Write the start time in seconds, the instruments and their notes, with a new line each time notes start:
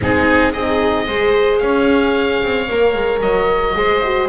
0.01 double bass G#3, horn C4, viola D#4, oboe G#4
0.52 double bass C4, horn D#4, viola G#4, oboe D#5
1.07 double bass G#3, horn G#4, viola C5
1.58 double bass C#4, viola C#5, oboe F5
2.42 double bass C4
2.68 double bass A#3, horn A#4
2.94 double bass G#3
3.21 double bass F#3, oboe D#5
3.74 double bass G#3, horn G#4, viola C5
4.04 horn F#4